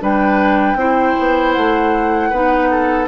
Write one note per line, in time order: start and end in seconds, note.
0.00 0.75 G3
0.00 0.77 D4
0.00 0.78 B4
0.00 1.53 G5
0.75 1.13 C4
0.75 2.32 E4
0.75 2.30 C5
1.19 1.57 B3
1.53 2.31 A3
1.53 3.06 F#5
2.30 3.08 B3
2.30 3.08 D#4
2.30 2.68 B4
2.71 3.08 A4